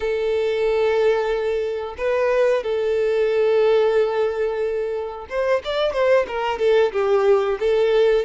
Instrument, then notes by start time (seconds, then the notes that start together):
violin
0.00 A4
1.98 B4
2.63 A4
5.29 C5
5.64 D5
5.93 C5
6.27 A#4
6.58 A4
6.92 G4
7.59 A4